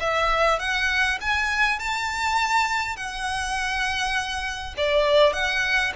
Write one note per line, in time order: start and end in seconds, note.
0.00 0.59 E5
0.59 1.18 F#5
1.20 1.79 G#5
1.79 2.96 A5
2.96 4.74 F#5
4.77 5.33 D5
5.33 5.92 F#5